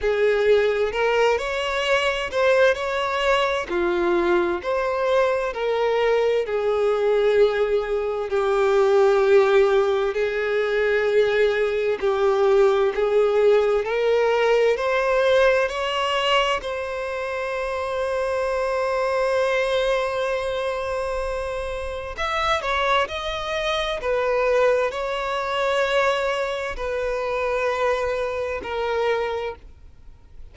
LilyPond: \new Staff \with { instrumentName = "violin" } { \time 4/4 \tempo 4 = 65 gis'4 ais'8 cis''4 c''8 cis''4 | f'4 c''4 ais'4 gis'4~ | gis'4 g'2 gis'4~ | gis'4 g'4 gis'4 ais'4 |
c''4 cis''4 c''2~ | c''1 | e''8 cis''8 dis''4 b'4 cis''4~ | cis''4 b'2 ais'4 | }